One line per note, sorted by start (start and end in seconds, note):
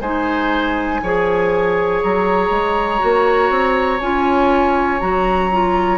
0.00 1.00 G#3
0.00 1.04 D#4
0.00 1.00 C5
0.00 2.01 G#5
1.02 2.02 F3
1.02 2.98 G#4
1.02 5.98 C#5
2.02 2.50 F#3
2.02 4.00 A#5
2.50 3.00 G#3
2.98 3.50 A#3
2.98 3.98 F#4
3.50 4.00 C4
4.00 5.01 C#4
4.00 5.00 F4
4.00 5.00 G#5
5.00 5.98 F#3
5.00 5.50 F#4
5.00 5.98 A#5
5.52 5.98 F4